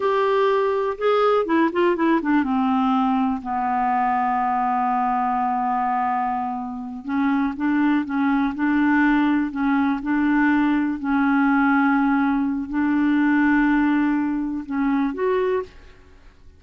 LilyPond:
\new Staff \with { instrumentName = "clarinet" } { \time 4/4 \tempo 4 = 123 g'2 gis'4 e'8 f'8 | e'8 d'8 c'2 b4~ | b1~ | b2~ b8 cis'4 d'8~ |
d'8 cis'4 d'2 cis'8~ | cis'8 d'2 cis'4.~ | cis'2 d'2~ | d'2 cis'4 fis'4 | }